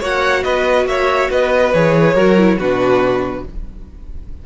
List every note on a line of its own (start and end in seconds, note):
0.00 0.44 A#3
0.00 1.73 F#4
0.00 0.43 C#5
0.00 0.43 F#5
0.43 0.86 B3
0.43 0.88 B4
0.43 0.86 D#5
0.86 1.29 A#3
0.86 1.31 C#5
0.86 1.30 E5
1.31 1.74 B3
1.31 2.14 B4
1.31 1.73 D#5
1.73 2.15 E3
1.73 2.17 G#4
1.73 2.59 C#5
2.14 2.58 F#3
2.14 2.38 F#4
2.14 2.57 A#4
2.38 2.60 E4
2.59 3.45 B2
2.59 3.46 D4
2.59 3.44 F#4
2.59 3.45 B4